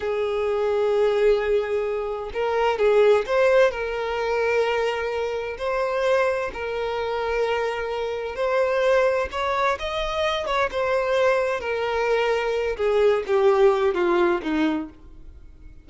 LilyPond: \new Staff \with { instrumentName = "violin" } { \time 4/4 \tempo 4 = 129 gis'1~ | gis'4 ais'4 gis'4 c''4 | ais'1 | c''2 ais'2~ |
ais'2 c''2 | cis''4 dis''4. cis''8 c''4~ | c''4 ais'2~ ais'8 gis'8~ | gis'8 g'4. f'4 dis'4 | }